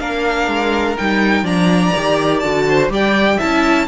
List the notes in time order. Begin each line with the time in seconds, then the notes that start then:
0.00 A#3 D4 A#4 F5
0.48 G#3
0.98 G3 D#4 G5
1.43 F3 D4 D5 A#5
1.96 D#3 G4
2.40 D3 F#4 A5
2.69 C5
2.90 G3 G4 D5 G5
3.37 E4 E5 A5
3.44 C#4